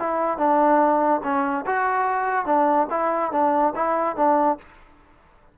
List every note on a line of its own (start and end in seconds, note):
0.00 0.38 E4
0.38 1.21 D4
1.24 1.66 C#4
1.67 2.46 F#4
2.46 2.88 D4
2.91 3.32 E4
3.32 3.74 D4
3.76 4.17 E4
4.17 4.58 D4